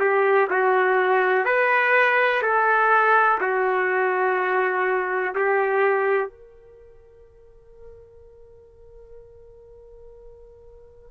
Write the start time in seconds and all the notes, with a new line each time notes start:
0.00 G4
0.50 F#4
1.45 B4
2.42 A4
3.40 F#4
5.35 G4
6.29 A#4